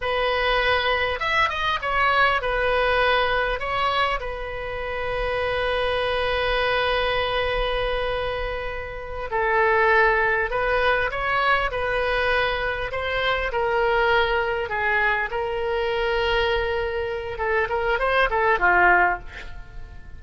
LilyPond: \new Staff \with { instrumentName = "oboe" } { \time 4/4 \tempo 4 = 100 b'2 e''8 dis''8 cis''4 | b'2 cis''4 b'4~ | b'1~ | b'2.~ b'8 a'8~ |
a'4. b'4 cis''4 b'8~ | b'4. c''4 ais'4.~ | ais'8 gis'4 ais'2~ ais'8~ | ais'4 a'8 ais'8 c''8 a'8 f'4 | }